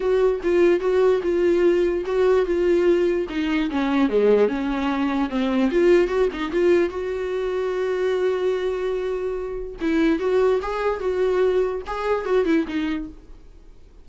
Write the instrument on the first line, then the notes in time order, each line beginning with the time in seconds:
viola
0.00 F#4
0.43 F4
0.79 F#4
1.22 F4
2.05 F#4
2.45 F4
3.29 D#4
3.70 C#4
4.09 G#3
4.48 C#4
5.29 C4
5.71 F4
6.07 F#4
6.32 D#4
6.51 F4
6.89 F#4
9.81 E4
10.19 F#4
10.62 G#4
11.00 F#4
11.86 G#4
12.25 F#4
12.45 E4
12.67 D#4